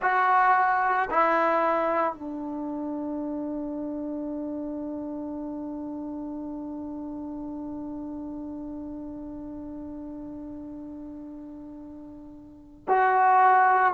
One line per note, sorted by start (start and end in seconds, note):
0.02 1.09 F#4
1.10 2.13 E4
2.13 12.85 D4
12.88 13.93 F#4